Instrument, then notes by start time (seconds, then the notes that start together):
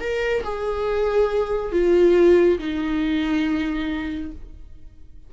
viola
0.00 A#4
0.44 G#4
1.72 F4
2.59 D#4